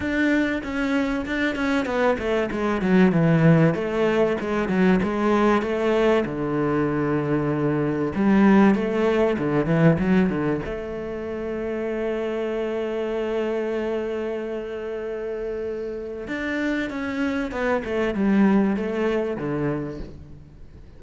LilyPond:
\new Staff \with { instrumentName = "cello" } { \time 4/4 \tempo 4 = 96 d'4 cis'4 d'8 cis'8 b8 a8 | gis8 fis8 e4 a4 gis8 fis8 | gis4 a4 d2~ | d4 g4 a4 d8 e8 |
fis8 d8 a2.~ | a1~ | a2 d'4 cis'4 | b8 a8 g4 a4 d4 | }